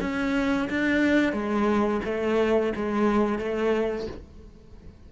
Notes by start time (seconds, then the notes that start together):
0.00 C#4
0.69 D4
1.32 G#3
2.04 A3
2.76 G#3
3.38 A3